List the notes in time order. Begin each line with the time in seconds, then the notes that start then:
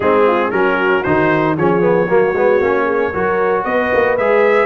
0.00 G#3 C4 D#4 G#4
0.26 F4
0.51 F#3 C#4 F#4 A#4
1.03 D#3 D#4 C5
1.56 F3 C#4 G#4 C#5
1.81 B3
2.08 F#3 A#3 F#4
2.34 G#3 B3
2.60 A#3 C#4
2.84 G#4
3.12 F#3 F#4 A#4
3.64 B3 B4 D#5
3.93 A#3
4.17 G#3 G#4 E5